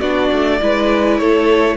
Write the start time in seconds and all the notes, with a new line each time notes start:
0.00 B3 D4 F#4 D5
0.32 A3
0.61 G#3 E4 B4
1.18 A3 A4 C#5